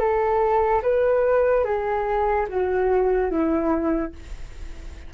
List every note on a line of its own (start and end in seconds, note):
0.00 0.82 A4
0.83 1.65 B4
1.65 2.47 G#4
2.49 3.31 F#4
3.31 4.13 E4